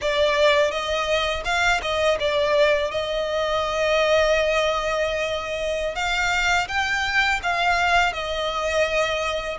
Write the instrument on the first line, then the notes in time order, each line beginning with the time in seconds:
violin
0.01 D5
0.71 D#5
1.44 F5
1.81 D#5
2.19 D5
2.91 D#5
5.95 F5
6.68 G5
7.42 F5
8.13 D#5